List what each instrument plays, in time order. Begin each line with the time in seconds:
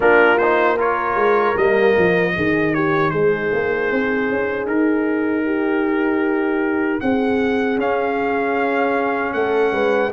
0.00 tuba A#3, trombone D4, horn F4, trumpet A#4
0.38 trombone D#4, trumpet C5
0.75 trombone F4, horn A#4, trumpet C#5
1.15 tuba G#3
1.56 tuba G3, trombone A#3, trumpet D#5
1.97 tuba F3
2.32 tuba D#3, trombone D#4, horn G#4
2.74 horn G4, trumpet C#5
3.10 tuba G#3, horn G#4, trumpet C5
3.52 tuba A#3
3.91 tuba C4
4.30 tuba C#4
4.65 tuba D#4, trumpet A#4
5.45 horn G4
7.00 tuba C4, horn G#4, trumpet F#5
7.77 trombone C#4, tuba C#4, trumpet F5
9.33 tuba A3, horn A4, trumpet F#5
9.71 tuba G#3, horn B4